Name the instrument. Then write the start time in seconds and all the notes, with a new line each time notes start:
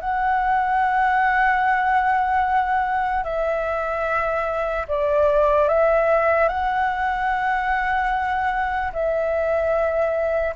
flute
0.00 F#5
3.24 E5
4.88 D5
5.68 E5
6.48 F#5
8.92 E5